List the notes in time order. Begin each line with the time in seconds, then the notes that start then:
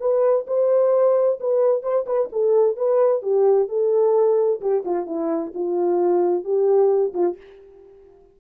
0.00 B4
0.47 C5
1.40 B4
1.82 C5
2.06 B4
2.32 A4
2.77 B4
3.22 G4
3.68 A4
4.61 G4
4.85 F4
5.06 E4
5.54 F4
6.44 G4
7.14 F4